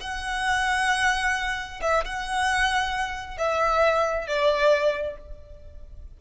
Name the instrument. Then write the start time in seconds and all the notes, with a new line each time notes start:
violin
0.00 F#5
1.81 E5
2.04 F#5
3.37 E5
4.27 D5